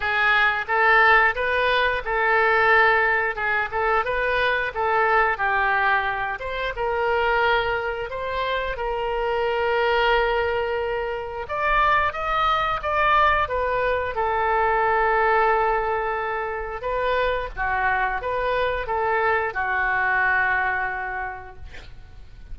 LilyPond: \new Staff \with { instrumentName = "oboe" } { \time 4/4 \tempo 4 = 89 gis'4 a'4 b'4 a'4~ | a'4 gis'8 a'8 b'4 a'4 | g'4. c''8 ais'2 | c''4 ais'2.~ |
ais'4 d''4 dis''4 d''4 | b'4 a'2.~ | a'4 b'4 fis'4 b'4 | a'4 fis'2. | }